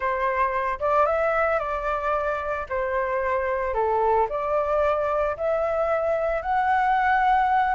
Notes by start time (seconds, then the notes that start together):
0.00 C5
0.79 D5
1.06 E5
1.59 D5
2.69 C5
3.74 A4
4.29 D5
5.36 E5
6.42 F#5